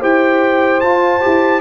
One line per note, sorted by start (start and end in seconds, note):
0.00 0.84 E4
0.00 0.82 G4
0.00 1.61 C5
0.00 0.81 G5
0.81 1.21 F4
0.81 1.24 F4
0.81 1.61 A5
1.21 1.61 E4
1.21 1.61 G4